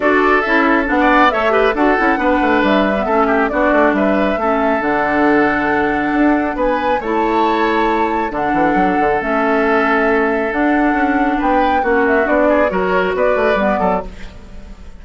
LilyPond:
<<
  \new Staff \with { instrumentName = "flute" } { \time 4/4 \tempo 4 = 137 d''4 e''4 fis''4 e''4 | fis''2 e''2 | d''4 e''2 fis''4~ | fis''2. gis''4 |
a''2. fis''4~ | fis''4 e''2. | fis''2 g''4 fis''8 e''8 | d''4 cis''4 d''2 | }
  \new Staff \with { instrumentName = "oboe" } { \time 4/4 a'2~ a'16 d''8. cis''8 b'8 | a'4 b'2 a'8 g'8 | fis'4 b'4 a'2~ | a'2. b'4 |
cis''2. a'4~ | a'1~ | a'2 b'4 fis'4~ | fis'8 gis'8 ais'4 b'4. a'8 | }
  \new Staff \with { instrumentName = "clarinet" } { \time 4/4 fis'4 e'4 d'4 a'8 g'8 | fis'8 e'8 d'4.~ d'16 b16 cis'4 | d'2 cis'4 d'4~ | d'1 |
e'2. d'4~ | d'4 cis'2. | d'2. cis'4 | d'4 fis'2 b4 | }
  \new Staff \with { instrumentName = "bassoon" } { \time 4/4 d'4 cis'4 b4 a4 | d'8 cis'8 b8 a8 g4 a4 | b8 a8 g4 a4 d4~ | d2 d'4 b4 |
a2. d8 e8 | fis8 d8 a2. | d'4 cis'4 b4 ais4 | b4 fis4 b8 a8 g8 fis8 | }
>>